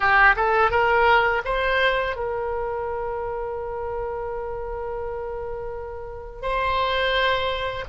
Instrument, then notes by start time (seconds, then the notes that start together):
oboe
0.00 G4
0.36 A4
0.70 A#4
1.44 C5
2.16 A#4
6.42 C5